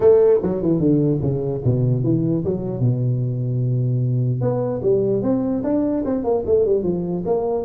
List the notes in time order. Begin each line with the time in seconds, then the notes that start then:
0.00 A3
0.42 F#3
0.62 E3
0.79 D3
1.21 C#3
1.64 B2
2.03 E3
2.44 F#3
2.80 B2
4.41 B3
4.82 G3
5.22 C4
5.63 D4
6.05 C4
6.24 A#3
6.46 A3
6.65 G3
6.83 F3
7.25 A#3